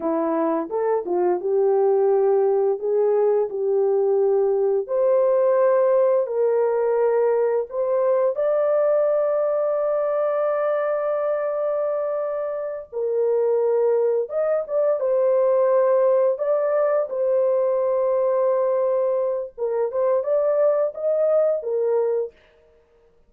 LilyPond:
\new Staff \with { instrumentName = "horn" } { \time 4/4 \tempo 4 = 86 e'4 a'8 f'8 g'2 | gis'4 g'2 c''4~ | c''4 ais'2 c''4 | d''1~ |
d''2~ d''8 ais'4.~ | ais'8 dis''8 d''8 c''2 d''8~ | d''8 c''2.~ c''8 | ais'8 c''8 d''4 dis''4 ais'4 | }